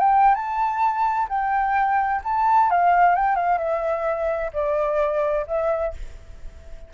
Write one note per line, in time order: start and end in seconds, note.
0.00 0.35 G5
0.35 1.28 A5
1.29 2.22 G5
2.24 2.71 A5
2.71 3.15 F5
3.15 3.36 G5
3.36 3.58 F5
3.58 4.51 E5
4.53 5.47 D5
5.48 5.94 E5